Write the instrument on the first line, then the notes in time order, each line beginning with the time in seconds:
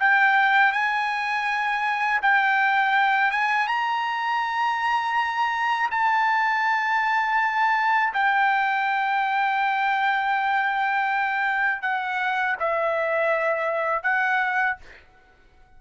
trumpet
0.00 G5
0.73 G#5
2.23 G5
3.32 G#5
3.68 A#5
5.91 A5
8.14 G5
11.82 F#5
12.60 E5
14.03 F#5